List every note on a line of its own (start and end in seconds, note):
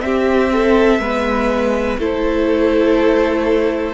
0.00 0.99 C4
0.00 1.01 C4
0.00 0.53 G4
0.00 1.97 E5
0.53 1.01 A4
0.99 1.97 G#3
0.99 1.99 B3
0.99 1.99 B4
1.98 3.94 A3
1.98 3.94 E4
1.98 3.94 A4
1.98 3.94 C5